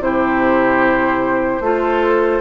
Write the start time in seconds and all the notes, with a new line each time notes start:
0.00 C3 E4 G4 C5
1.61 A3 F4 A4